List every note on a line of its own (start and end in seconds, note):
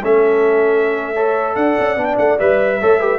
0.00 1.56 A3
0.00 1.15 C#4
0.00 1.13 A4
0.00 1.55 E5
1.14 1.97 A4
1.14 1.55 C#5
1.55 1.76 D4
1.55 2.79 D5
1.55 2.05 F#5
1.79 1.96 C#4
1.96 2.16 B3
1.96 2.38 D4
2.05 2.15 G5
2.18 2.39 A3
2.18 2.38 F#5
2.39 2.81 G3
2.39 2.80 B4
2.39 3.18 E5
2.80 3.18 A3
2.80 3.00 A4
2.80 2.99 C#5
2.99 3.18 G4
2.99 3.18 B4